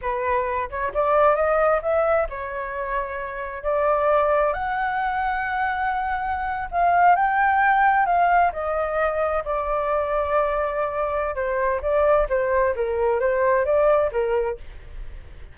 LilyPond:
\new Staff \with { instrumentName = "flute" } { \time 4/4 \tempo 4 = 132 b'4. cis''8 d''4 dis''4 | e''4 cis''2. | d''2 fis''2~ | fis''2~ fis''8. f''4 g''16~ |
g''4.~ g''16 f''4 dis''4~ dis''16~ | dis''8. d''2.~ d''16~ | d''4 c''4 d''4 c''4 | ais'4 c''4 d''4 ais'4 | }